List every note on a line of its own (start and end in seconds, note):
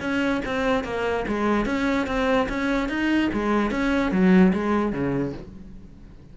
0.00 0.41 C#4
0.45 0.84 C4
0.84 1.25 A#3
1.27 1.65 G#3
1.65 2.06 C#4
2.06 2.48 C4
2.49 2.88 C#4
2.88 3.30 D#4
3.33 3.70 G#3
3.70 4.11 C#4
4.11 4.52 F#3
4.53 4.92 G#3
4.92 5.33 C#3